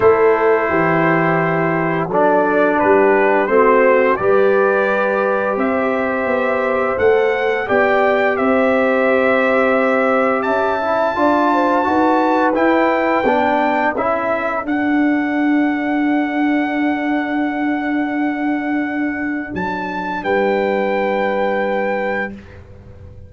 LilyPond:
<<
  \new Staff \with { instrumentName = "trumpet" } { \time 4/4 \tempo 4 = 86 c''2. d''4 | b'4 c''4 d''2 | e''2 fis''4 g''4 | e''2. a''4~ |
a''2 g''2 | e''4 fis''2.~ | fis''1 | a''4 g''2. | }
  \new Staff \with { instrumentName = "horn" } { \time 4/4 a'4 g'2 a'4 | g'4 fis'4 b'2 | c''2. d''4 | c''2. e''4 |
d''8 c''8 b'2. | a'1~ | a'1~ | a'4 b'2. | }
  \new Staff \with { instrumentName = "trombone" } { \time 4/4 e'2. d'4~ | d'4 c'4 g'2~ | g'2 a'4 g'4~ | g'2.~ g'8 e'8 |
f'4 fis'4 e'4 d'4 | e'4 d'2.~ | d'1~ | d'1 | }
  \new Staff \with { instrumentName = "tuba" } { \time 4/4 a4 e2 fis4 | g4 a4 g2 | c'4 b4 a4 b4 | c'2. cis'4 |
d'4 dis'4 e'4 b4 | cis'4 d'2.~ | d'1 | fis4 g2. | }
>>